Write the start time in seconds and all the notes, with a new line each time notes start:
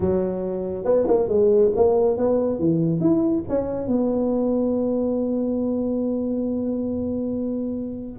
0.00 F#3
0.85 B3
1.07 A#3
1.28 G#3
1.75 A#3
2.17 B3
2.59 E3
3.00 E4
3.48 C#4
3.87 B3